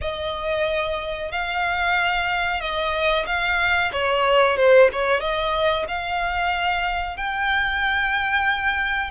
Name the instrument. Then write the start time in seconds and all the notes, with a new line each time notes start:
violin
0.01 D#5
1.31 F5
2.60 D#5
3.26 F5
3.92 C#5
4.56 C5
4.92 C#5
5.20 D#5
5.88 F5
7.17 G5